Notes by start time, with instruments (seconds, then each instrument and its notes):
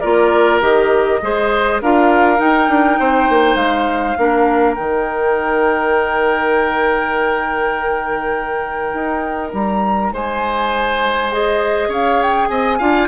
0.00 bassoon A#3, clarinet F4, oboe A#4, flute D5
0.61 bassoon D#3, clarinet G4, flute D#5
1.22 bassoon G#3, clarinet G#4, oboe C5
1.81 bassoon D4, clarinet F4, oboe A#4, flute F5
2.37 clarinet D#4, bassoon D#4, flute G5
2.68 bassoon D4
2.99 bassoon C4, oboe C5
3.29 bassoon A#3
3.55 bassoon G#3, flute F5
4.18 bassoon A#3, clarinet D4, oboe A#4
4.75 bassoon D#3, clarinet D#4, flute G5
8.93 bassoon D#4
9.53 bassoon G3, flute A#5
10.12 bassoon G#3, oboe C5, flute G#5
11.32 clarinet G#4, flute D#5
11.88 bassoon C#4, oboe C#5, flute F5
12.22 flute G5
12.47 bassoon C4, oboe D#5, flute G#5
12.78 bassoon D4, clarinet F4, oboe F5